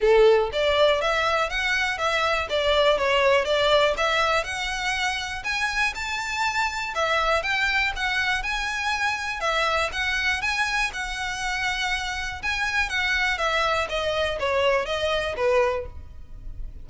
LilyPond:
\new Staff \with { instrumentName = "violin" } { \time 4/4 \tempo 4 = 121 a'4 d''4 e''4 fis''4 | e''4 d''4 cis''4 d''4 | e''4 fis''2 gis''4 | a''2 e''4 g''4 |
fis''4 gis''2 e''4 | fis''4 gis''4 fis''2~ | fis''4 gis''4 fis''4 e''4 | dis''4 cis''4 dis''4 b'4 | }